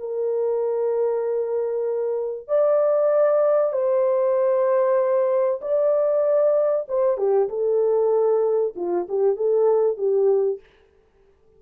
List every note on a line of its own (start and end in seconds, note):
0.00 2.48 A#4
2.48 3.73 D5
3.73 5.61 C5
5.62 6.87 D5
6.89 7.18 C5
7.18 7.49 G4
7.49 8.74 A4
8.76 9.07 F4
9.09 9.37 G4
9.37 9.98 A4
9.98 10.61 G4